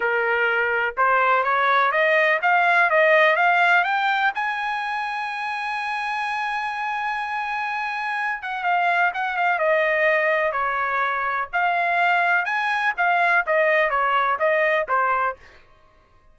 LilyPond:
\new Staff \with { instrumentName = "trumpet" } { \time 4/4 \tempo 4 = 125 ais'2 c''4 cis''4 | dis''4 f''4 dis''4 f''4 | g''4 gis''2.~ | gis''1~ |
gis''4. fis''8 f''4 fis''8 f''8 | dis''2 cis''2 | f''2 gis''4 f''4 | dis''4 cis''4 dis''4 c''4 | }